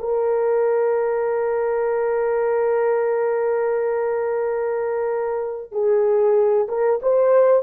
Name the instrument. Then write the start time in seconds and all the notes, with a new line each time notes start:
horn
0.00 A#4
5.72 G#4
6.69 A#4
7.03 C5